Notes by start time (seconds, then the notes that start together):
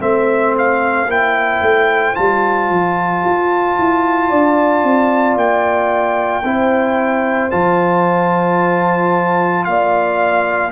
0.00 A3 C4 C5 E5
0.58 F5
1.07 A#3 E4 G5
1.62 A3
2.15 G3 F4 A5
2.70 F3
3.25 F4
3.79 E4
4.29 D4 D5
4.84 C4
5.36 A#3 G5
6.44 C4 E4 C5
7.51 F3 F4 A5
9.65 A#3 D5 F5